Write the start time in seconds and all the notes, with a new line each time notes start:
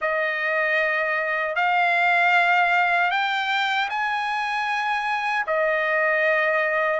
0.01 D#5
1.55 F5
3.11 G5
3.89 G#5
5.46 D#5